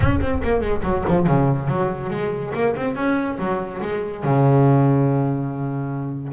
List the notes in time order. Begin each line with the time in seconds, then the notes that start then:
0.00 C#4
0.20 C4
0.43 A#3
0.60 G#3
0.82 F#3
1.08 F3
1.27 C#3
1.68 F#3
2.10 G#3
2.54 A#3
2.76 C4
2.95 C#4
3.38 F#3
3.81 G#3
4.23 C#3